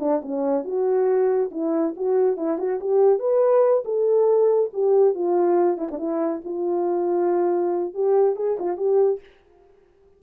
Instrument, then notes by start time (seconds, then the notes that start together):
horn
0.00 D4
0.22 C#4
0.65 F#4
1.52 E4
1.97 F#4
2.37 E4
2.58 F#4
2.81 G4
3.19 B4
3.85 A4
4.74 G4
5.15 F4
5.78 E4
5.92 D4
5.99 E4
6.45 F4
7.94 G4
8.36 G#4
8.59 F4
8.77 G4